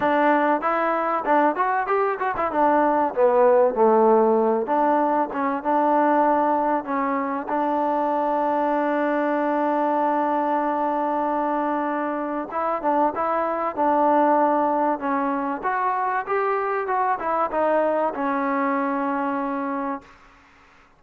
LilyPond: \new Staff \with { instrumentName = "trombone" } { \time 4/4 \tempo 4 = 96 d'4 e'4 d'8 fis'8 g'8 fis'16 e'16 | d'4 b4 a4. d'8~ | d'8 cis'8 d'2 cis'4 | d'1~ |
d'1 | e'8 d'8 e'4 d'2 | cis'4 fis'4 g'4 fis'8 e'8 | dis'4 cis'2. | }